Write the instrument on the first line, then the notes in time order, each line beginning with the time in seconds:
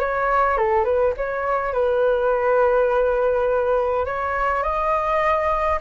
flute
0.00 C#5
0.58 A4
0.85 B4
1.18 C#5
1.73 B4
4.06 C#5
4.63 D#5